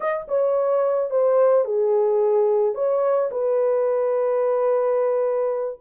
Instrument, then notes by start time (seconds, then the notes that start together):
horn
0.00 D#5
0.28 C#5
1.10 C5
1.64 G#4
2.74 C#5
3.31 B4